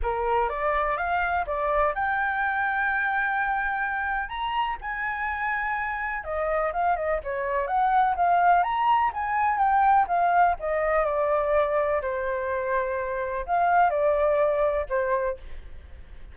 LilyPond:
\new Staff \with { instrumentName = "flute" } { \time 4/4 \tempo 4 = 125 ais'4 d''4 f''4 d''4 | g''1~ | g''4 ais''4 gis''2~ | gis''4 dis''4 f''8 dis''8 cis''4 |
fis''4 f''4 ais''4 gis''4 | g''4 f''4 dis''4 d''4~ | d''4 c''2. | f''4 d''2 c''4 | }